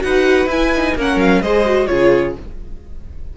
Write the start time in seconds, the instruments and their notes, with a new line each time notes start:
0.00 cello D#4, viola F#4, violin B4 F#5
0.46 cello E4, viola E4, violin G#5
0.76 viola D#4
0.96 cello A#3, viola C#4, violin A#4 F#5
1.16 cello F#3, violin F5
1.42 cello G#3, viola G#4, violin C5 D#5
1.65 viola F#4
1.87 cello C#3, viola F4, violin G#4 C#5